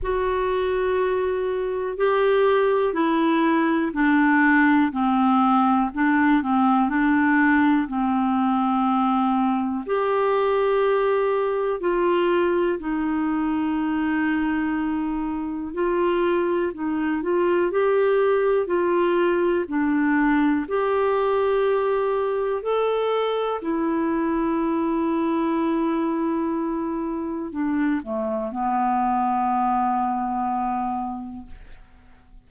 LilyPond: \new Staff \with { instrumentName = "clarinet" } { \time 4/4 \tempo 4 = 61 fis'2 g'4 e'4 | d'4 c'4 d'8 c'8 d'4 | c'2 g'2 | f'4 dis'2. |
f'4 dis'8 f'8 g'4 f'4 | d'4 g'2 a'4 | e'1 | d'8 a8 b2. | }